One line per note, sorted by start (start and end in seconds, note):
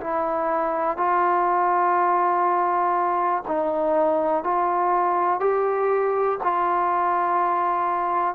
0.00 0.97 E4
0.97 3.43 F4
3.47 4.44 D#4
4.44 5.40 F4
5.40 6.38 G4
6.43 8.35 F4